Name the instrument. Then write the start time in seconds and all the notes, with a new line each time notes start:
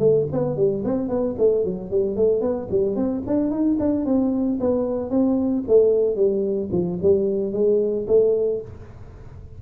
tuba
0.00 A3
0.32 B3
0.57 G3
0.85 C4
1.09 B3
1.38 A3
1.65 F#3
1.91 G3
2.16 A3
2.41 B3
2.71 G3
2.96 C4
3.27 D4
3.51 D#4
3.80 D4
4.06 C4
4.60 B3
5.10 C4
5.68 A3
6.16 G3
6.72 F3
7.03 G3
7.53 G#3
8.08 A3